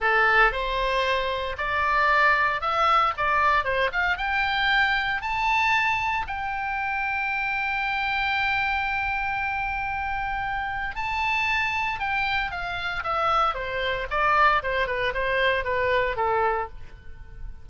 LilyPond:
\new Staff \with { instrumentName = "oboe" } { \time 4/4 \tempo 4 = 115 a'4 c''2 d''4~ | d''4 e''4 d''4 c''8 f''8 | g''2 a''2 | g''1~ |
g''1~ | g''4 a''2 g''4 | f''4 e''4 c''4 d''4 | c''8 b'8 c''4 b'4 a'4 | }